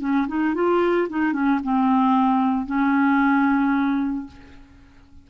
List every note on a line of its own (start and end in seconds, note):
0.00 0.27 C#4
0.28 0.54 D#4
0.54 1.08 F4
1.09 1.33 D#4
1.33 1.60 C#4
1.63 2.66 C4
2.66 4.27 C#4